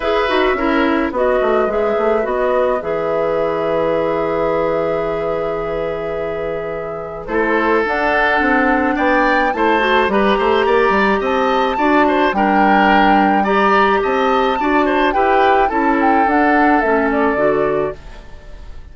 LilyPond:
<<
  \new Staff \with { instrumentName = "flute" } { \time 4/4 \tempo 4 = 107 e''2 dis''4 e''4 | dis''4 e''2.~ | e''1~ | e''4 c''4 fis''2 |
g''4 a''4 ais''2 | a''2 g''2 | ais''4 a''2 g''4 | a''8 g''8 fis''4 e''8 d''4. | }
  \new Staff \with { instrumentName = "oboe" } { \time 4/4 b'4 ais'4 b'2~ | b'1~ | b'1~ | b'4 a'2. |
d''4 c''4 b'8 c''8 d''4 | dis''4 d''8 c''8 ais'2 | d''4 dis''4 d''8 c''8 b'4 | a'1 | }
  \new Staff \with { instrumentName = "clarinet" } { \time 4/4 gis'8 fis'8 e'4 fis'4 gis'4 | fis'4 gis'2.~ | gis'1~ | gis'4 e'4 d'2~ |
d'4 e'8 fis'8 g'2~ | g'4 fis'4 d'2 | g'2 fis'4 g'4 | e'4 d'4 cis'4 fis'4 | }
  \new Staff \with { instrumentName = "bassoon" } { \time 4/4 e'8 dis'8 cis'4 b8 a8 gis8 a8 | b4 e2.~ | e1~ | e4 a4 d'4 c'4 |
b4 a4 g8 a8 ais8 g8 | c'4 d'4 g2~ | g4 c'4 d'4 e'4 | cis'4 d'4 a4 d4 | }
>>